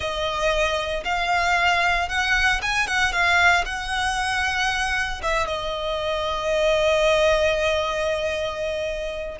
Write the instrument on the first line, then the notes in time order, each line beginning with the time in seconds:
violin
0.00 D#5
1.04 F5
2.08 F#5
2.62 G#5
2.87 F#5
3.12 F5
3.65 F#5
5.22 E5
5.47 D#5